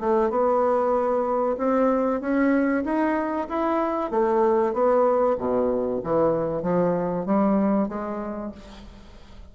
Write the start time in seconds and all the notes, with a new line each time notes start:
0.00 A3
0.30 B3
1.58 C4
2.21 C#4
2.84 D#4
3.49 E4
4.11 A3
4.73 B3
5.38 B2
6.03 E3
6.62 F3
7.26 G3
7.89 G#3